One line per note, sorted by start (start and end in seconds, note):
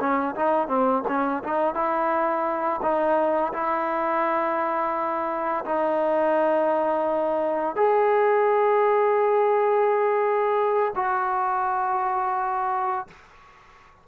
0.00 0.35 C#4
0.36 0.68 D#4
0.68 1.03 C4
1.08 1.43 C#4
1.43 1.75 D#4
1.75 2.80 E4
2.82 3.53 D#4
3.53 5.65 E4
5.65 7.76 D#4
7.76 10.93 G#4
10.95 13.07 F#4